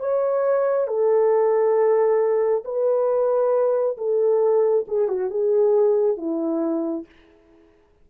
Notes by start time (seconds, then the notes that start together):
0.00 C#5
0.87 A4
2.65 B4
3.98 A4
4.88 G#4
5.09 F#4
5.31 G#4
6.17 E4